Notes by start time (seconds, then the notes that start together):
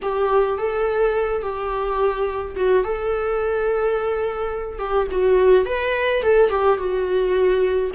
0.02 G4
0.58 A4
1.42 G4
2.55 F#4
2.84 A4
4.79 G4
5.11 F#4
5.65 B4
6.22 A4
6.49 G4
6.78 F#4